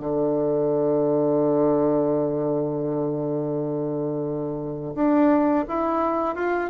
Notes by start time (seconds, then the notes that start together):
0.00 D3
4.95 D4
5.68 E4
6.36 F4